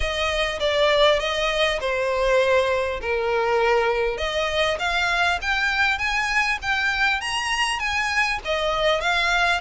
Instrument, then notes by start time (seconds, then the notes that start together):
violin
0.00 D#5
0.59 D5
1.19 D#5
1.80 C5
3.01 A#4
4.17 D#5
4.79 F5
5.41 G5
5.98 G#5
6.62 G5
7.20 A#5
7.79 G#5
8.44 D#5
9.00 F5